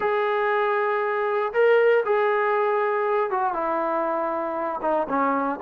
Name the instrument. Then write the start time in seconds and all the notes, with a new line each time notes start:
trombone
0.00 G#4
1.53 A#4
2.05 G#4
3.30 F#4
3.53 E4
4.81 D#4
5.08 C#4